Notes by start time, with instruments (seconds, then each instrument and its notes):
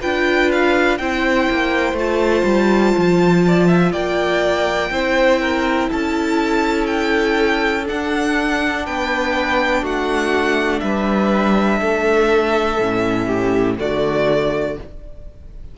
0.00 cello D4, viola F4, violin B4 G5
0.51 violin F5
0.97 cello C4, viola E4, violin C5 G5
1.50 cello A#3
1.92 cello A3, viola F4, violin A5
2.44 cello G3
2.97 cello F3
3.47 violin D5
3.67 violin E5
3.92 cello A#3, violin D5 G5
4.90 cello C4, viola E4, violin C5
5.41 violin A#4
5.89 cello C#4, violin A4 A5
6.86 violin G5
7.85 viola D4, cello D4, violin F#5
8.85 cello B3, violin B4 G5
9.82 cello A3, violin F#4 F#5
10.80 cello G3, violin B4 E5
11.79 cello A3, violin A4
12.78 cello A2, viola C#4
13.26 violin G4
13.77 cello D3, viola A3, violin F#4 D5